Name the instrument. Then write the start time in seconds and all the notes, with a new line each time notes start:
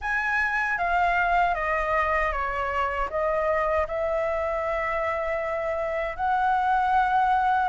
flute
0.01 G#5
0.78 F5
1.55 D#5
2.31 C#5
3.10 D#5
3.87 E5
6.16 F#5